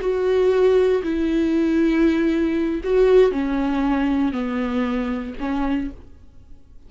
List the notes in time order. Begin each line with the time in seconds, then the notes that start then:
0.00 F#4
1.03 E4
2.84 F#4
3.31 C#4
4.32 B3
5.39 C#4